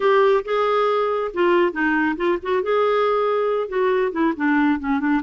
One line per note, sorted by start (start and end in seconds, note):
0.00 0.43 G4
0.44 1.31 G#4
1.33 1.72 F4
1.72 2.15 D#4
2.16 2.38 F4
2.42 2.62 F#4
2.62 3.68 G#4
3.68 4.11 F#4
4.11 4.33 E4
4.36 4.79 D4
4.79 5.00 C#4
5.00 5.21 D4